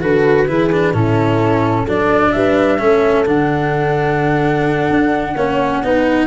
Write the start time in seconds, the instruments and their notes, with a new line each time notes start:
0.00 tuba D3, cello F#4, horn A4, flute B4
0.47 tuba E3, cello E4, horn G#4
0.72 cello D4
0.93 tuba A2, cello C#4, horn E4, flute A4
1.83 tuba F#3, cello D4, horn A4, flute D5
2.32 tuba G3, horn B4, flute E5
2.78 tuba A3, cello C#4, horn A4
3.25 tuba D3, cello D4, flute F#5
4.90 tuba D4
5.34 tuba A#3, cello C#4, horn C#5
5.83 tuba B3, cello D#4, horn B4